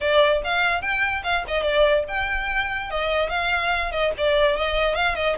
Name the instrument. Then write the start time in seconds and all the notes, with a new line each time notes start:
violin
0.00 D5
0.43 F5
0.81 G5
1.23 F5
1.47 D#5
1.63 D5
2.07 G5
2.90 D#5
3.29 F5
3.91 D#5
4.17 D5
4.56 D#5
4.95 F5
5.15 D#5